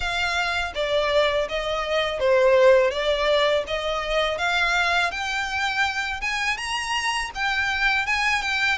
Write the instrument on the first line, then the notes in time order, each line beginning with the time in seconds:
violin
0.00 F5
0.75 D5
1.48 D#5
2.20 C5
2.90 D5
3.67 D#5
4.38 F5
5.11 G5
6.21 G#5
6.57 A#5
7.34 G5
8.06 G#5
8.42 G5